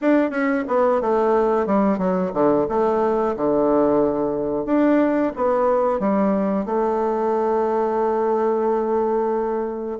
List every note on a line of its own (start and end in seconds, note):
0.01 0.30 D4
0.30 0.63 C#4
0.68 1.01 B3
1.01 1.66 A3
1.66 1.98 G3
1.98 2.32 F#3
2.33 2.66 D3
2.68 3.35 A3
3.36 4.65 D3
4.65 5.32 D4
5.35 5.99 B3
5.99 6.65 G3
6.65 9.98 A3